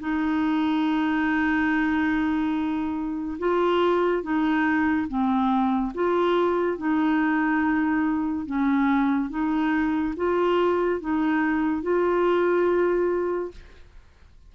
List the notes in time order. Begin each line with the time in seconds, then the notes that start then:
0.00 D#4
3.39 F4
4.23 D#4
5.08 C4
5.94 F4
6.78 D#4
8.46 C#4
9.30 D#4
10.16 F4
11.00 D#4
11.82 F4